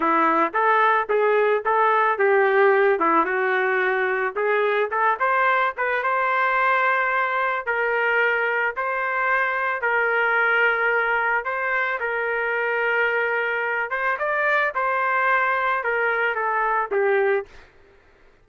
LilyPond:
\new Staff \with { instrumentName = "trumpet" } { \time 4/4 \tempo 4 = 110 e'4 a'4 gis'4 a'4 | g'4. e'8 fis'2 | gis'4 a'8 c''4 b'8 c''4~ | c''2 ais'2 |
c''2 ais'2~ | ais'4 c''4 ais'2~ | ais'4. c''8 d''4 c''4~ | c''4 ais'4 a'4 g'4 | }